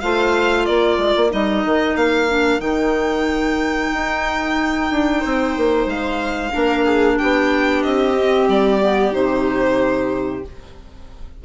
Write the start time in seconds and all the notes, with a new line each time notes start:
0.00 A3 F4 C5 F5
0.65 A#3 A#4 D5
0.98 G#3
1.16 A#3
1.30 G3 D#4 D#5
1.65 D#3
1.96 A#3 F5
2.28 D4
2.59 D#3 D#4 G5
3.93 D#4
4.90 D4
5.20 C4 C5
5.57 A#3
5.86 G#3 F5
6.51 A#3 D4 A#4
6.84 G#4
7.18 B3 G4 G5
7.82 C4 D#5
8.16 C4
8.48 G3 D5
8.80 B3
9.12 C3 D#4 C5